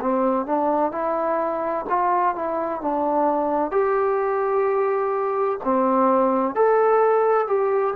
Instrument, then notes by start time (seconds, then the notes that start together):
trombone
0.00 C4
0.46 D4
0.91 E4
1.89 F4
2.35 E4
2.81 D4
3.71 G4
5.64 C4
6.55 A4
7.47 G4